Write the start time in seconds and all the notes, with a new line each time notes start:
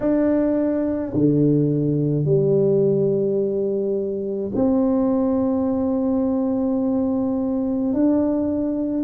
0.00 D4
1.14 D3
2.24 G3
4.54 C4
7.93 D4